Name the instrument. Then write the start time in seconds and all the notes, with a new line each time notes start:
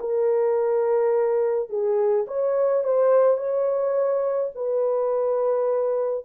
horn
0.00 A#4
1.69 G#4
2.27 C#5
2.84 C5
3.37 C#5
4.55 B4